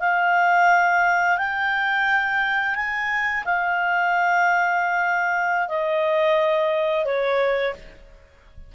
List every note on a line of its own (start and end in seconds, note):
0.00 1.38 F5
1.38 2.75 G5
2.75 3.44 G#5
3.45 5.68 F5
5.68 7.05 D#5
7.05 7.74 C#5